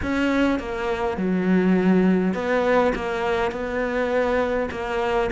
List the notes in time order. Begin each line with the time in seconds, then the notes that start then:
0.02 C#4
0.59 A#3
1.17 F#3
2.33 B3
2.95 A#3
3.51 B3
4.71 A#3